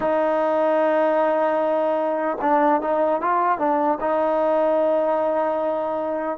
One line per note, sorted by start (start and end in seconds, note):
0.00 2.37 D#4
2.41 2.81 D4
2.81 3.21 D#4
3.21 3.58 F4
3.58 3.98 D4
4.00 6.38 D#4